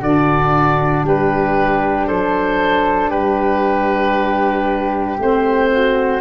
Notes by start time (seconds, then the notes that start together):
0.00 D3 D4 F#4 D5
1.04 G3 G4 B4
2.06 F#3 A4 C5
3.10 G3 G4 B4
5.19 A3 C4 C5
5.71 F#4